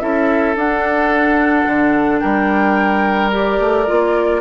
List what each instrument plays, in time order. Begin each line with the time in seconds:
0.00 bassoon C#4, clarinet E4, oboe A4, flute E5
0.56 bassoon D4, clarinet D4, flute F#5
1.66 bassoon D3
2.20 bassoon G3, oboe A#4, flute G5
3.31 clarinet G4, flute D5
3.60 bassoon A3
3.87 bassoon A#3, clarinet F4